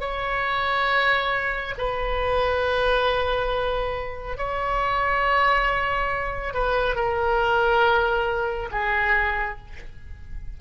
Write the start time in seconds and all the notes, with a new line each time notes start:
0.00 C#5
1.77 B4
4.37 C#5
6.53 B4
6.95 A#4
8.71 G#4